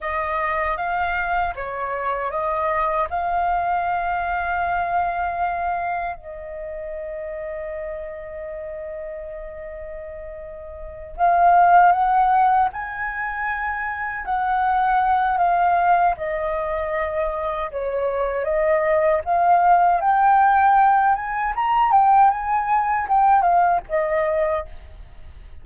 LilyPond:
\new Staff \with { instrumentName = "flute" } { \time 4/4 \tempo 4 = 78 dis''4 f''4 cis''4 dis''4 | f''1 | dis''1~ | dis''2~ dis''8 f''4 fis''8~ |
fis''8 gis''2 fis''4. | f''4 dis''2 cis''4 | dis''4 f''4 g''4. gis''8 | ais''8 g''8 gis''4 g''8 f''8 dis''4 | }